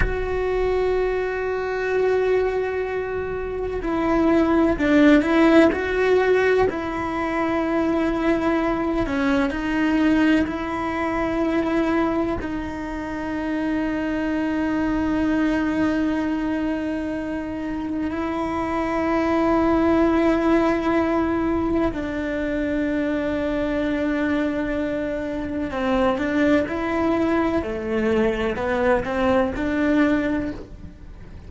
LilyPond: \new Staff \with { instrumentName = "cello" } { \time 4/4 \tempo 4 = 63 fis'1 | e'4 d'8 e'8 fis'4 e'4~ | e'4. cis'8 dis'4 e'4~ | e'4 dis'2.~ |
dis'2. e'4~ | e'2. d'4~ | d'2. c'8 d'8 | e'4 a4 b8 c'8 d'4 | }